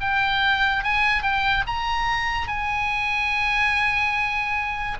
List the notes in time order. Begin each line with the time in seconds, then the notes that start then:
0.00 G5
0.83 G#5
1.22 G5
1.67 A#5
2.47 G#5